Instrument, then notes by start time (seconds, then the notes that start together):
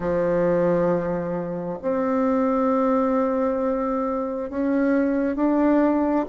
bassoon
0.00 F3
1.82 C4
4.50 C#4
5.35 D4